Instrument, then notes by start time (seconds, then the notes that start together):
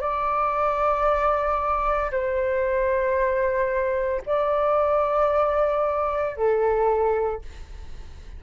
flute
0.00 D5
2.11 C5
4.26 D5
6.36 A4